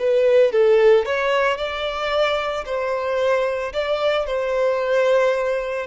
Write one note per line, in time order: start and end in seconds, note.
0.00 0.53 B4
0.53 1.06 A4
1.06 1.58 C#5
1.58 2.65 D5
2.66 3.73 C5
3.74 4.27 D5
4.27 5.87 C5